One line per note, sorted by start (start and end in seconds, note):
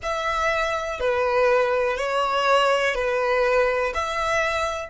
0.02 1.00 E5
1.00 1.97 B4
1.97 2.94 C#5
2.94 3.93 B4
3.94 4.89 E5